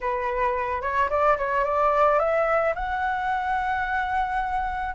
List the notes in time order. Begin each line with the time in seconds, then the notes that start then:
0.01 B4
0.81 C#5
1.09 D5
1.37 C#5
1.64 D5
2.19 E5
2.75 F#5